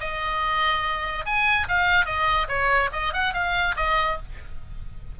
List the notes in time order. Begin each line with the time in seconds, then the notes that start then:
0.00 D#5
1.25 G#5
1.68 F5
2.05 D#5
2.48 C#5
2.92 D#5
3.13 F#5
3.34 F5
3.76 D#5